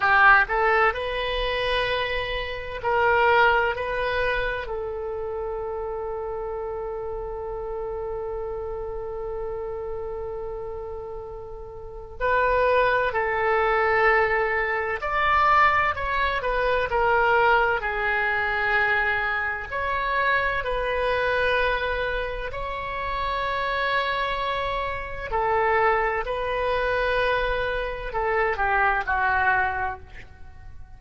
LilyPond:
\new Staff \with { instrumentName = "oboe" } { \time 4/4 \tempo 4 = 64 g'8 a'8 b'2 ais'4 | b'4 a'2.~ | a'1~ | a'4 b'4 a'2 |
d''4 cis''8 b'8 ais'4 gis'4~ | gis'4 cis''4 b'2 | cis''2. a'4 | b'2 a'8 g'8 fis'4 | }